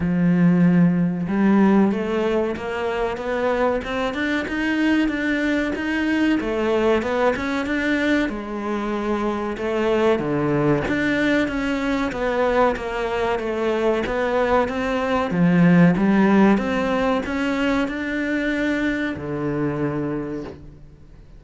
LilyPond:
\new Staff \with { instrumentName = "cello" } { \time 4/4 \tempo 4 = 94 f2 g4 a4 | ais4 b4 c'8 d'8 dis'4 | d'4 dis'4 a4 b8 cis'8 | d'4 gis2 a4 |
d4 d'4 cis'4 b4 | ais4 a4 b4 c'4 | f4 g4 c'4 cis'4 | d'2 d2 | }